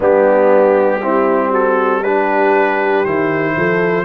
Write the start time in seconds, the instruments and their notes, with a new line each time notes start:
0.00 tuba G3, trombone B3, horn D4, trumpet G4
1.01 trombone C4, horn E4
1.49 horn F#4, trumpet A4
2.02 trombone D4, horn G4, trumpet B4
3.04 tuba D#3, trombone E4, trumpet C5
3.56 tuba F3, horn A4